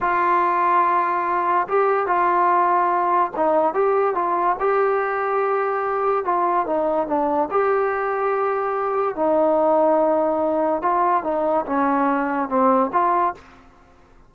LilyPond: \new Staff \with { instrumentName = "trombone" } { \time 4/4 \tempo 4 = 144 f'1 | g'4 f'2. | dis'4 g'4 f'4 g'4~ | g'2. f'4 |
dis'4 d'4 g'2~ | g'2 dis'2~ | dis'2 f'4 dis'4 | cis'2 c'4 f'4 | }